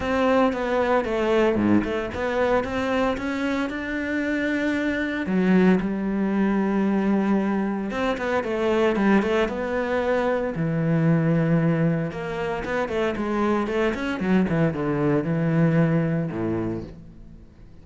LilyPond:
\new Staff \with { instrumentName = "cello" } { \time 4/4 \tempo 4 = 114 c'4 b4 a4 gis,8 a8 | b4 c'4 cis'4 d'4~ | d'2 fis4 g4~ | g2. c'8 b8 |
a4 g8 a8 b2 | e2. ais4 | b8 a8 gis4 a8 cis'8 fis8 e8 | d4 e2 a,4 | }